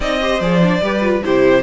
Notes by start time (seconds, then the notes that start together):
0.00 C4 D#4 D5 D#5
0.20 G4 C5
0.39 F3 G#4 D5
0.62 D4
0.81 G3 G4 B4
1.01 F4
1.23 C3 E4 G4 C5